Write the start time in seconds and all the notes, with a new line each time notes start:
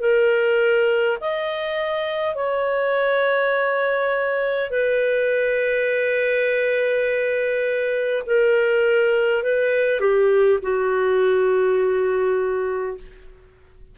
0.00 A#4
1.20 D#5
2.34 C#5
4.70 B4
8.26 A#4
9.43 B4
9.99 G4
10.62 F#4